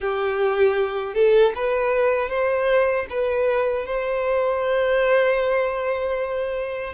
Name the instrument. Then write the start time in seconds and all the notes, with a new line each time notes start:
violin
0.00 G4
1.14 A4
1.55 B4
2.29 C5
3.09 B4
3.85 C5